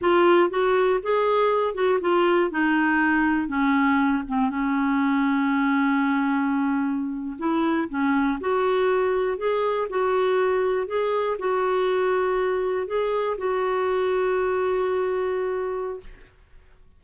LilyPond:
\new Staff \with { instrumentName = "clarinet" } { \time 4/4 \tempo 4 = 120 f'4 fis'4 gis'4. fis'8 | f'4 dis'2 cis'4~ | cis'8 c'8 cis'2.~ | cis'2~ cis'8. e'4 cis'16~ |
cis'8. fis'2 gis'4 fis'16~ | fis'4.~ fis'16 gis'4 fis'4~ fis'16~ | fis'4.~ fis'16 gis'4 fis'4~ fis'16~ | fis'1 | }